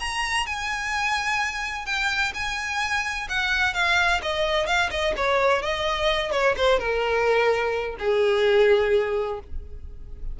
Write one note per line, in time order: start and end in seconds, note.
0.00 0.46 A#5
0.46 1.86 G#5
1.86 2.33 G5
2.34 3.28 G#5
3.29 3.74 F#5
3.74 4.21 F5
4.22 4.66 D#5
4.66 4.90 F5
4.91 5.14 D#5
5.17 5.62 C#5
5.62 6.32 D#5
6.32 6.55 C#5
6.57 6.79 C5
6.79 7.96 A#4
7.99 9.40 G#4